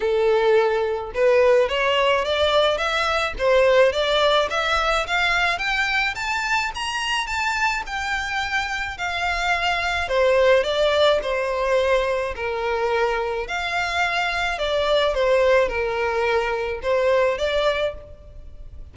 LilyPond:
\new Staff \with { instrumentName = "violin" } { \time 4/4 \tempo 4 = 107 a'2 b'4 cis''4 | d''4 e''4 c''4 d''4 | e''4 f''4 g''4 a''4 | ais''4 a''4 g''2 |
f''2 c''4 d''4 | c''2 ais'2 | f''2 d''4 c''4 | ais'2 c''4 d''4 | }